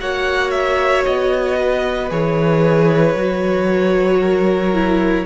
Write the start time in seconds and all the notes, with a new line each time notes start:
0.00 A#3 F#4 C#5 F#5
0.51 E5
1.05 B3 D#5
1.59 B4
2.09 E3 G#4 C#5
3.14 F#3 F#4
4.20 A#4
4.74 E4